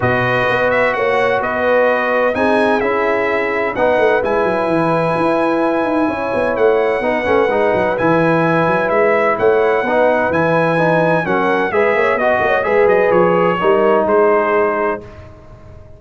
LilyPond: <<
  \new Staff \with { instrumentName = "trumpet" } { \time 4/4 \tempo 4 = 128 dis''4. e''8 fis''4 dis''4~ | dis''4 gis''4 e''2 | fis''4 gis''2.~ | gis''2 fis''2~ |
fis''4 gis''2 e''4 | fis''2 gis''2 | fis''4 e''4 dis''4 e''8 dis''8 | cis''2 c''2 | }
  \new Staff \with { instrumentName = "horn" } { \time 4/4 b'2 cis''4 b'4~ | b'4 gis'2. | b'1~ | b'4 cis''2 b'4~ |
b'1 | cis''4 b'2. | ais'4 b'8 cis''8 dis''8 cis''8 b'4~ | b'4 ais'4 gis'2 | }
  \new Staff \with { instrumentName = "trombone" } { \time 4/4 fis'1~ | fis'4 dis'4 e'2 | dis'4 e'2.~ | e'2. dis'8 cis'8 |
dis'4 e'2.~ | e'4 dis'4 e'4 dis'4 | cis'4 gis'4 fis'4 gis'4~ | gis'4 dis'2. | }
  \new Staff \with { instrumentName = "tuba" } { \time 4/4 b,4 b4 ais4 b4~ | b4 c'4 cis'2 | b8 a8 gis8 fis8 e4 e'4~ | e'8 dis'8 cis'8 b8 a4 b8 a8 |
gis8 fis8 e4. fis8 gis4 | a4 b4 e2 | fis4 gis8 ais8 b8 ais8 gis8 fis8 | f4 g4 gis2 | }
>>